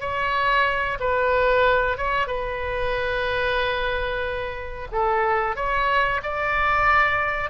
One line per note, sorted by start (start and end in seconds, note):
0.00 0.98 C#5
0.99 1.97 B4
1.97 2.27 C#5
2.27 4.88 B4
4.91 5.56 A4
5.56 6.21 C#5
6.23 7.50 D5